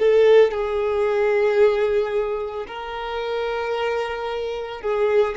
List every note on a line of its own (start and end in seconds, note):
0.00 0.52 A4
0.52 2.66 G#4
2.68 4.82 A#4
4.82 5.35 G#4